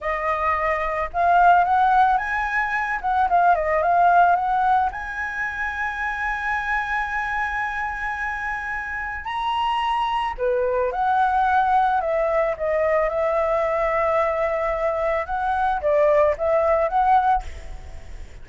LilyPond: \new Staff \with { instrumentName = "flute" } { \time 4/4 \tempo 4 = 110 dis''2 f''4 fis''4 | gis''4. fis''8 f''8 dis''8 f''4 | fis''4 gis''2.~ | gis''1~ |
gis''4 ais''2 b'4 | fis''2 e''4 dis''4 | e''1 | fis''4 d''4 e''4 fis''4 | }